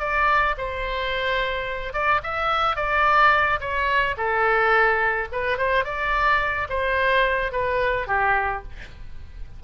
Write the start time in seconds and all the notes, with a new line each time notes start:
0.00 D5
0.58 C5
1.93 D5
2.24 E5
2.77 D5
3.61 C#5
4.17 A4
5.32 B4
5.58 C5
5.85 D5
6.70 C5
7.53 B4
8.08 G4